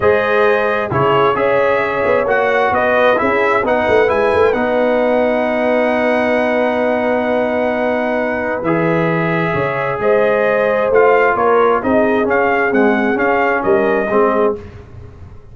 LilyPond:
<<
  \new Staff \with { instrumentName = "trumpet" } { \time 4/4 \tempo 4 = 132 dis''2 cis''4 e''4~ | e''4 fis''4 dis''4 e''4 | fis''4 gis''4 fis''2~ | fis''1~ |
fis''2. e''4~ | e''2 dis''2 | f''4 cis''4 dis''4 f''4 | fis''4 f''4 dis''2 | }
  \new Staff \with { instrumentName = "horn" } { \time 4/4 c''2 gis'4 cis''4~ | cis''2 b'4 gis'4 | b'1~ | b'1~ |
b'1~ | b'4 cis''4 c''2~ | c''4 ais'4 gis'2~ | gis'2 ais'4 gis'4 | }
  \new Staff \with { instrumentName = "trombone" } { \time 4/4 gis'2 e'4 gis'4~ | gis'4 fis'2 e'4 | dis'4 e'4 dis'2~ | dis'1~ |
dis'2. gis'4~ | gis'1 | f'2 dis'4 cis'4 | gis4 cis'2 c'4 | }
  \new Staff \with { instrumentName = "tuba" } { \time 4/4 gis2 cis4 cis'4~ | cis'8 b8 ais4 b4 cis'4 | b8 a8 gis8 a8 b2~ | b1~ |
b2. e4~ | e4 cis4 gis2 | a4 ais4 c'4 cis'4 | c'4 cis'4 g4 gis4 | }
>>